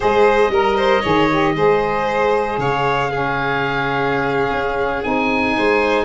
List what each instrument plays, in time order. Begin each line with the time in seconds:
0.00 tuba G#3, saxophone G#4, violin C5, oboe D#5
0.49 tuba G3, violin A#4, saxophone A#4
0.76 violin C5
1.01 tuba D#3, saxophone G#4, violin C#5
1.31 saxophone G4
1.54 tuba G#3, saxophone G#4, violin C5
2.57 tuba C#3, violin C#5, oboe F5
3.10 saxophone C#4, violin G#4
4.51 tuba C#4
5.03 tuba C4, saxophone D#4, oboe G#5
5.56 tuba G#3, violin C5